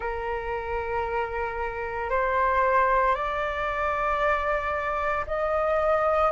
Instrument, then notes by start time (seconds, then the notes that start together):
flute
0.00 A#4
2.10 C5
3.14 D5
5.26 D#5